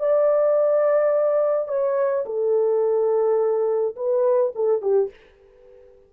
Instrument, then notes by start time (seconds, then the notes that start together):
horn
0.00 D5
1.68 C#5
2.26 A4
3.96 B4
4.55 A4
4.82 G4